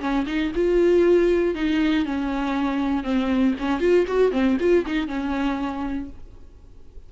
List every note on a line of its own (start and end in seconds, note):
0.00 0.25 C#4
0.27 0.52 D#4
0.55 1.55 F4
1.55 2.05 D#4
2.05 3.04 C#4
3.04 3.55 C4
3.59 3.80 C#4
3.80 4.06 F4
4.07 4.32 F#4
4.32 4.57 C4
4.60 4.85 F4
4.86 5.08 D#4
5.08 6.09 C#4